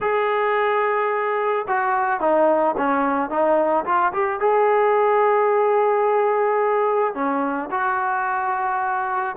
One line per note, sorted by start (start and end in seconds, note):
0.00 1.65 G#4
1.67 2.20 F#4
2.20 2.75 D#4
2.77 3.30 C#4
3.30 3.85 D#4
3.85 4.12 F4
4.12 4.40 G4
4.40 7.14 G#4
7.14 7.69 C#4
7.70 9.36 F#4